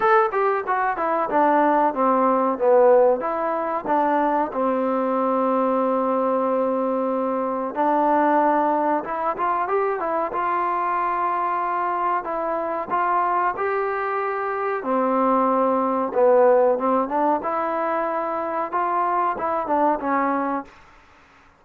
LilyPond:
\new Staff \with { instrumentName = "trombone" } { \time 4/4 \tempo 4 = 93 a'8 g'8 fis'8 e'8 d'4 c'4 | b4 e'4 d'4 c'4~ | c'1 | d'2 e'8 f'8 g'8 e'8 |
f'2. e'4 | f'4 g'2 c'4~ | c'4 b4 c'8 d'8 e'4~ | e'4 f'4 e'8 d'8 cis'4 | }